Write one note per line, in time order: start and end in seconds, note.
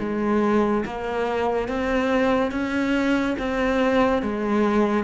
0.00 0.85 G#3
0.86 1.68 A#3
1.68 2.52 C4
2.52 3.36 C#4
3.38 4.22 C4
4.22 5.04 G#3